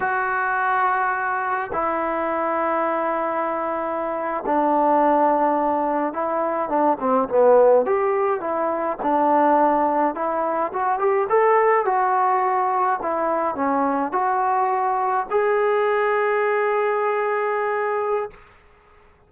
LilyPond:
\new Staff \with { instrumentName = "trombone" } { \time 4/4 \tempo 4 = 105 fis'2. e'4~ | e'2.~ e'8. d'16~ | d'2~ d'8. e'4 d'16~ | d'16 c'8 b4 g'4 e'4 d'16~ |
d'4.~ d'16 e'4 fis'8 g'8 a'16~ | a'8. fis'2 e'4 cis'16~ | cis'8. fis'2 gis'4~ gis'16~ | gis'1 | }